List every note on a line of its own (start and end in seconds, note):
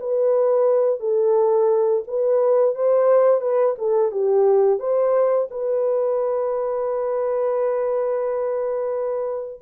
0.00 1.00 B4
1.00 2.03 A4
2.08 2.75 B4
2.75 3.41 C5
3.41 3.76 B4
3.79 4.12 A4
4.12 4.80 G4
4.80 5.49 C5
5.51 9.62 B4